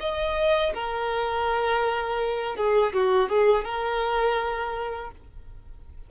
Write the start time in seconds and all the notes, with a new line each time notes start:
0.00 D#5
0.74 A#4
2.56 G#4
2.93 F#4
3.29 G#4
3.65 A#4